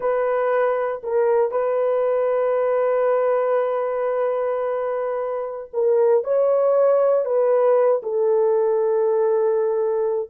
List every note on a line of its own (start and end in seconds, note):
0.00 1.01 B4
1.03 1.51 A#4
1.51 5.70 B4
5.73 6.24 A#4
6.24 7.25 C#5
7.25 8.01 B4
8.02 10.29 A4